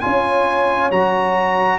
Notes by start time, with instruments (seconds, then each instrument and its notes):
0.00 tuba C#4, trombone F4, horn C#5, trumpet G#5
0.91 tuba F#3, trombone F#4, trumpet A#5